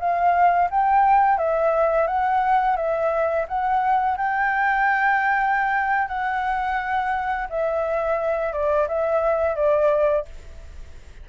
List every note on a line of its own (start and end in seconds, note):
0.00 0.69 F5
0.70 1.38 G5
1.38 2.07 E5
2.07 2.77 F#5
2.77 3.46 E5
3.48 4.17 F#5
4.17 6.08 G5
6.08 7.48 F#5
7.50 8.53 E5
8.53 8.88 D5
8.88 9.56 E5
9.56 10.26 D5